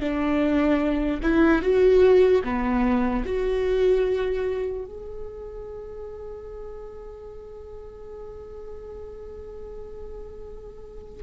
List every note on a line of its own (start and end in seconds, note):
0.00 1.20 D4
1.23 1.62 E4
1.62 2.42 F#4
2.44 3.24 B3
3.25 4.85 F#4
4.85 11.23 G#4